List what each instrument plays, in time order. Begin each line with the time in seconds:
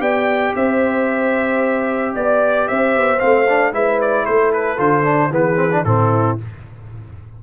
0.00 tuba B3, trombone G4, horn D5, trumpet G5
0.56 tuba C4, horn C5, trumpet E5
2.15 tuba B3, horn D5, trumpet D5
2.68 tuba C4, horn C5, trumpet E5
2.96 tuba B3
3.20 tuba A3, trombone C4, trumpet F5
3.49 trombone D4
3.73 tuba G#3, trombone E4, horn B4, trumpet E5
4.01 trumpet D5
4.25 tuba A3, horn A4, trumpet C5
4.53 trumpet B4
4.78 tuba D3, trombone F4, trumpet C5
5.04 trombone D4
5.31 tuba E3, trombone B3, horn G#4, trumpet B4
5.56 trombone C4
5.72 trombone D4
5.85 tuba A2, trombone C4, horn E4, trumpet A4